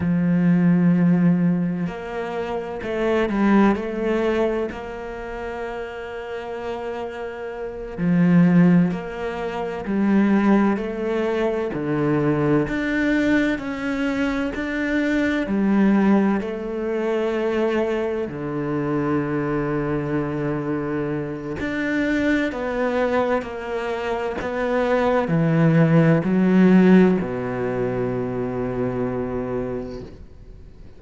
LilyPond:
\new Staff \with { instrumentName = "cello" } { \time 4/4 \tempo 4 = 64 f2 ais4 a8 g8 | a4 ais2.~ | ais8 f4 ais4 g4 a8~ | a8 d4 d'4 cis'4 d'8~ |
d'8 g4 a2 d8~ | d2. d'4 | b4 ais4 b4 e4 | fis4 b,2. | }